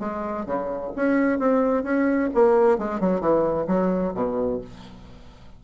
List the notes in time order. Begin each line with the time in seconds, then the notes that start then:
0.00 G#3
0.46 C#3
0.96 C#4
1.40 C4
1.84 C#4
2.35 A#3
2.79 G#3
3.01 F#3
3.21 E3
3.68 F#3
4.15 B2